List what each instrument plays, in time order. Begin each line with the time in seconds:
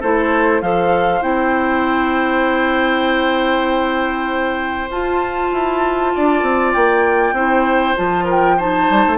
0.00 bassoon A3, clarinet E4, oboe A4, flute C5
0.61 bassoon F3, clarinet A4, oboe C5, flute F5
1.21 bassoon C4, clarinet E4, flute G5
4.90 bassoon F4, clarinet F4, flute A5
5.52 bassoon E4
6.15 bassoon D4, oboe D5
6.42 bassoon C4
6.73 bassoon A#3, flute G5
7.32 bassoon C4, clarinet E4, oboe C5
7.96 bassoon F3, clarinet F4, flute A5
8.25 oboe A#4
8.31 flute G5
8.58 clarinet D#4, oboe C5, flute A5
8.90 bassoon G3
9.07 bassoon A3